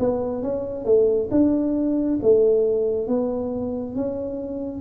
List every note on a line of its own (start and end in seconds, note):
0.00 0.43 B3
0.43 0.85 C#4
0.85 1.30 A3
1.32 2.20 D4
2.23 3.08 A3
3.08 3.96 B3
3.96 4.82 C#4